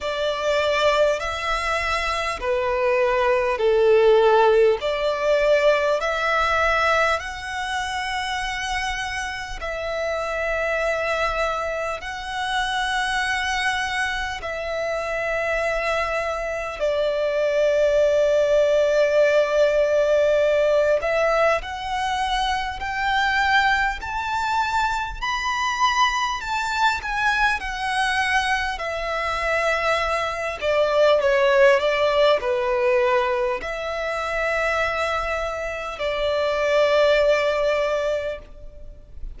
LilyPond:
\new Staff \with { instrumentName = "violin" } { \time 4/4 \tempo 4 = 50 d''4 e''4 b'4 a'4 | d''4 e''4 fis''2 | e''2 fis''2 | e''2 d''2~ |
d''4. e''8 fis''4 g''4 | a''4 b''4 a''8 gis''8 fis''4 | e''4. d''8 cis''8 d''8 b'4 | e''2 d''2 | }